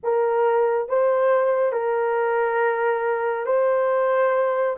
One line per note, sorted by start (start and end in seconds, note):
0.03 0.89 A#4
0.89 1.72 C5
1.72 3.46 A#4
3.46 4.76 C5